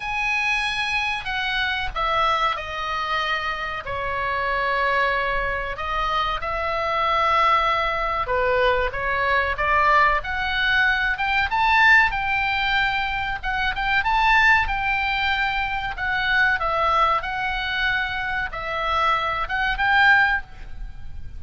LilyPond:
\new Staff \with { instrumentName = "oboe" } { \time 4/4 \tempo 4 = 94 gis''2 fis''4 e''4 | dis''2 cis''2~ | cis''4 dis''4 e''2~ | e''4 b'4 cis''4 d''4 |
fis''4. g''8 a''4 g''4~ | g''4 fis''8 g''8 a''4 g''4~ | g''4 fis''4 e''4 fis''4~ | fis''4 e''4. fis''8 g''4 | }